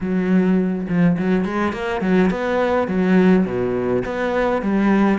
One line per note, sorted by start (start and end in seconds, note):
0.00 0.87 F#3
0.88 1.17 F3
1.18 1.44 F#3
1.44 1.72 G#3
1.72 2.01 A#3
2.01 2.30 F#3
2.30 2.87 B3
2.87 3.45 F#3
3.45 4.03 B2
4.05 4.62 B3
4.62 5.18 G3